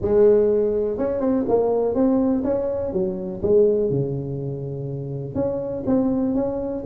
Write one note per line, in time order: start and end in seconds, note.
0.01 0.98 G#3
0.98 1.20 C#4
1.20 1.44 C4
1.48 1.94 A#3
1.94 2.43 C4
2.44 2.92 C#4
2.92 3.41 F#3
3.42 3.89 G#3
3.89 5.34 C#3
5.34 5.83 C#4
5.86 6.35 C4
6.35 6.83 C#4